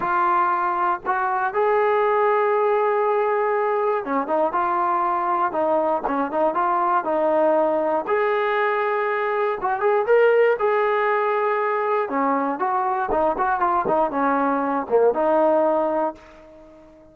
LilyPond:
\new Staff \with { instrumentName = "trombone" } { \time 4/4 \tempo 4 = 119 f'2 fis'4 gis'4~ | gis'1 | cis'8 dis'8 f'2 dis'4 | cis'8 dis'8 f'4 dis'2 |
gis'2. fis'8 gis'8 | ais'4 gis'2. | cis'4 fis'4 dis'8 fis'8 f'8 dis'8 | cis'4. ais8 dis'2 | }